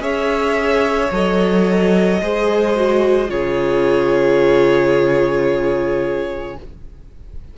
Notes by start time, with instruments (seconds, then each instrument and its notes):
0.00 cello C#4, viola G#4, violin C#5 E5
1.11 cello F#3, viola A4, violin D#5
2.22 cello G#3, viola G#4, violin C5
2.76 viola F#4
3.27 cello C#3, viola F4, violin G#4 C#5